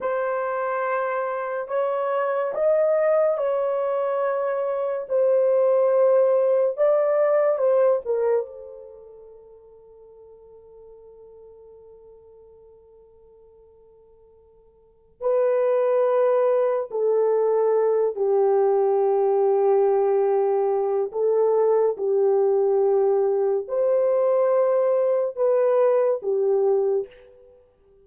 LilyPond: \new Staff \with { instrumentName = "horn" } { \time 4/4 \tempo 4 = 71 c''2 cis''4 dis''4 | cis''2 c''2 | d''4 c''8 ais'8 a'2~ | a'1~ |
a'2 b'2 | a'4. g'2~ g'8~ | g'4 a'4 g'2 | c''2 b'4 g'4 | }